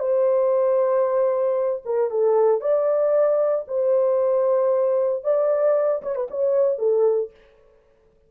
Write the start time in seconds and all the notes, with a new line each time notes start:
0.00 C5
1.86 A#4
2.11 A4
2.61 D5
3.68 C5
5.24 D5
6.03 C#5
6.15 B4
6.31 C#5
6.79 A4